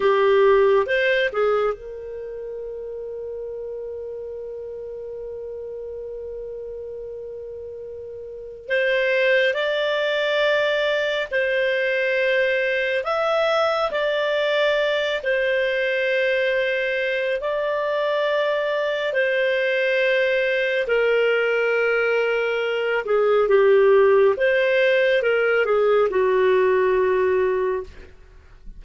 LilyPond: \new Staff \with { instrumentName = "clarinet" } { \time 4/4 \tempo 4 = 69 g'4 c''8 gis'8 ais'2~ | ais'1~ | ais'2 c''4 d''4~ | d''4 c''2 e''4 |
d''4. c''2~ c''8 | d''2 c''2 | ais'2~ ais'8 gis'8 g'4 | c''4 ais'8 gis'8 fis'2 | }